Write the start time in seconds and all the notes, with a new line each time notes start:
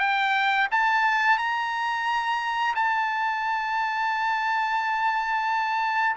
0.00 G5
0.72 A5
1.39 A#5
2.76 A5